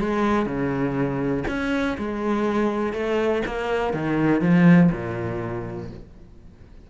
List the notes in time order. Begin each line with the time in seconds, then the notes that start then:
0.00 G#3
0.46 C#3
1.48 C#4
1.98 G#3
2.94 A3
3.46 A#3
3.94 D#3
4.42 F3
4.92 A#2